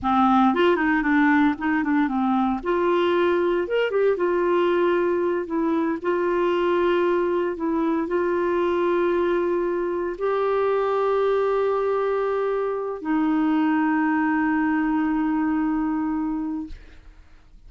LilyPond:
\new Staff \with { instrumentName = "clarinet" } { \time 4/4 \tempo 4 = 115 c'4 f'8 dis'8 d'4 dis'8 d'8 | c'4 f'2 ais'8 g'8 | f'2~ f'8 e'4 f'8~ | f'2~ f'8 e'4 f'8~ |
f'2.~ f'8 g'8~ | g'1~ | g'4 dis'2.~ | dis'1 | }